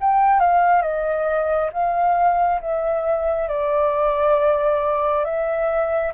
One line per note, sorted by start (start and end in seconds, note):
0.00 0.40 G5
0.40 0.81 F5
0.81 1.70 D#5
1.72 2.60 F5
2.61 3.48 E5
3.48 5.24 D5
5.24 6.12 E5